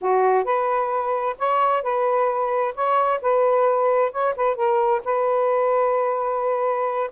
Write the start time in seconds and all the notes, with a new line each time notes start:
0.01 F#4
0.44 B4
1.38 C#5
1.83 B4
2.74 C#5
3.21 B4
4.11 C#5
4.36 B4
4.55 A#4
5.04 B4